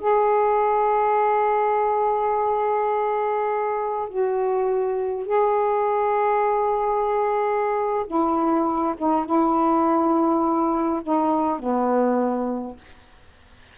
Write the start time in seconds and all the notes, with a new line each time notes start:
0.00 G#4
4.09 F#4
5.26 G#4
8.07 E4
8.98 D#4
9.26 E4
11.03 D#4
11.59 B3